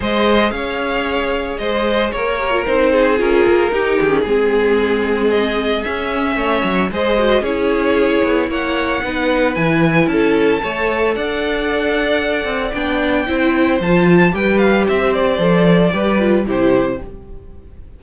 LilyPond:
<<
  \new Staff \with { instrumentName = "violin" } { \time 4/4 \tempo 4 = 113 dis''4 f''2 dis''4 | cis''4 c''4 ais'4. gis'8~ | gis'2 dis''4 e''4~ | e''4 dis''4 cis''2 |
fis''2 gis''4 a''4~ | a''4 fis''2. | g''2 a''4 g''8 f''8 | e''8 d''2~ d''8 c''4 | }
  \new Staff \with { instrumentName = "violin" } { \time 4/4 c''4 cis''2 c''4 | ais'4. gis'4. g'4 | gis'1 | cis''4 c''4 gis'2 |
cis''4 b'2 a'4 | cis''4 d''2.~ | d''4 c''2 b'4 | c''2 b'4 g'4 | }
  \new Staff \with { instrumentName = "viola" } { \time 4/4 gis'1~ | gis'8 g'16 f'16 dis'4 f'4 dis'8. cis'16 | c'2. cis'4~ | cis'4 gis'8 fis'8 e'2~ |
e'4 dis'4 e'2 | a'1 | d'4 e'4 f'4 g'4~ | g'4 a'4 g'8 f'8 e'4 | }
  \new Staff \with { instrumentName = "cello" } { \time 4/4 gis4 cis'2 gis4 | ais4 c'4 cis'8 ais8 dis'8 dis8 | gis2. cis'4 | a8 fis8 gis4 cis'4. b8 |
ais4 b4 e4 cis'4 | a4 d'2~ d'8 c'8 | b4 c'4 f4 g4 | c'4 f4 g4 c4 | }
>>